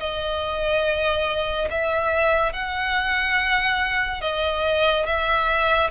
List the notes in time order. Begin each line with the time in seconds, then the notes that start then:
0.00 D#5
1.71 E5
2.54 F#5
4.22 D#5
5.06 E5